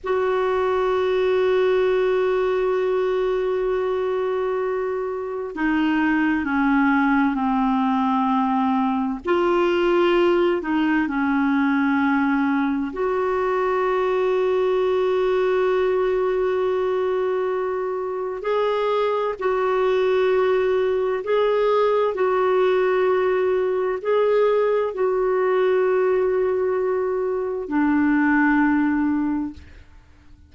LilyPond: \new Staff \with { instrumentName = "clarinet" } { \time 4/4 \tempo 4 = 65 fis'1~ | fis'2 dis'4 cis'4 | c'2 f'4. dis'8 | cis'2 fis'2~ |
fis'1 | gis'4 fis'2 gis'4 | fis'2 gis'4 fis'4~ | fis'2 d'2 | }